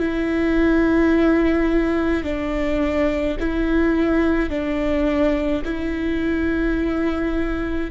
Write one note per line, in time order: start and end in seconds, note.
0.00 2.24 E4
2.24 3.38 D4
3.40 4.50 E4
4.50 5.63 D4
5.65 7.91 E4